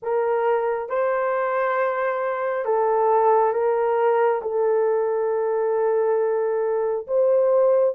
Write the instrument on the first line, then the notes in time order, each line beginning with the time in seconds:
horn
0.02 A#4
0.89 C5
2.65 A4
3.53 A#4
4.42 A4
7.07 C5